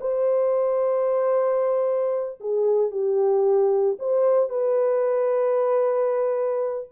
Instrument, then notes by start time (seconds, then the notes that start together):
horn
0.00 C5
2.40 G#4
2.91 G4
3.99 C5
4.49 B4